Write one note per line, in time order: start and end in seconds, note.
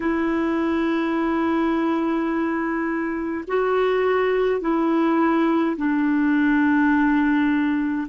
0.00 3.44 E4
3.47 4.60 F#4
4.60 5.76 E4
5.76 8.07 D4